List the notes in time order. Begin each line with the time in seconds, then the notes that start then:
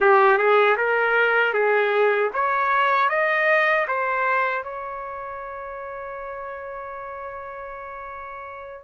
0.00 G4
0.38 G#4
0.77 A#4
1.53 G#4
2.33 C#5
3.09 D#5
3.87 C5
4.63 C#5